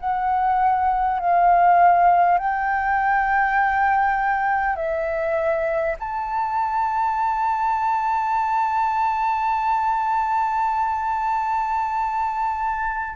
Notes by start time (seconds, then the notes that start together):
0.00 F#5
1.20 F5
2.39 G5
4.76 E5
6.00 A5